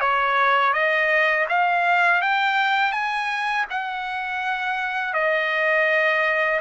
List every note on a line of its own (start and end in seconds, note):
0.00 0.73 C#5
0.73 1.46 D#5
1.49 2.22 F5
2.22 2.92 G5
2.92 3.65 G#5
3.70 5.14 F#5
5.14 6.60 D#5